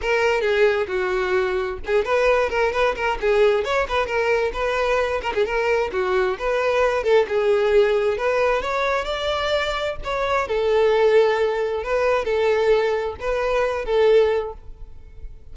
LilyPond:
\new Staff \with { instrumentName = "violin" } { \time 4/4 \tempo 4 = 132 ais'4 gis'4 fis'2 | gis'8 b'4 ais'8 b'8 ais'8 gis'4 | cis''8 b'8 ais'4 b'4. ais'16 gis'16 | ais'4 fis'4 b'4. a'8 |
gis'2 b'4 cis''4 | d''2 cis''4 a'4~ | a'2 b'4 a'4~ | a'4 b'4. a'4. | }